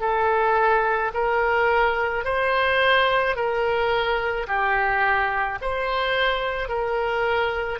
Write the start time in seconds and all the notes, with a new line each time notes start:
0.00 A4
1.13 A#4
2.24 C5
3.35 A#4
4.47 G4
5.61 C5
6.68 A#4